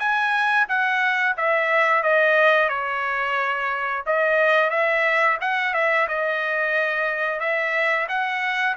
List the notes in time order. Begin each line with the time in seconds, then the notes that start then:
0.00 G#5
0.69 F#5
1.38 E5
2.03 D#5
2.70 C#5
4.07 D#5
4.71 E5
5.41 F#5
5.74 E5
6.09 D#5
7.40 E5
8.09 F#5